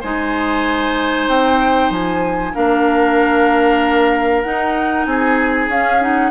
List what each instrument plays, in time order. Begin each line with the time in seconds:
0.00 bassoon G#3, clarinet D#4, oboe C5, flute G#5
1.28 bassoon C4, flute G5
1.90 bassoon F3, flute G#5
2.54 bassoon A#3, clarinet D4, oboe A#4, flute F5
4.42 clarinet D#4, bassoon D#4, flute F#5
5.05 bassoon C4, oboe G#4, flute G#5
5.68 bassoon C#4, clarinet C#4, flute F5
6.01 clarinet D#4, flute F#5